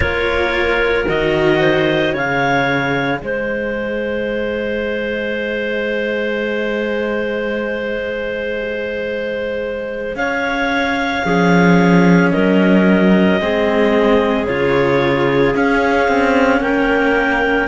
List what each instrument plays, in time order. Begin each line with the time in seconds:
0.00 cello A#3 F4, clarinet A#4 C#5
1.07 cello D#3 F#4, clarinet D#5
1.59 clarinet C5
2.12 cello C#3 G#4, clarinet C#5 F5
3.20 cello G#3, clarinet C5 D#5
10.15 cello C#4, clarinet C#5 F5
11.24 cello F3 C#4, clarinet G#4
12.31 cello F#3, clarinet A#4 D#5
13.39 cello G#3 C4, clarinet G#4
14.46 cello C#3 F4, clarinet C#5
15.54 cello C#4, clarinet F5
16.08 cello C4
16.60 cello A#3, clarinet A#4 G5